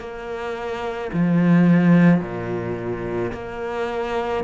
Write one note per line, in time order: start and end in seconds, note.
0.00 1.11 A#3
1.13 2.21 F3
2.21 3.32 A#2
3.33 4.44 A#3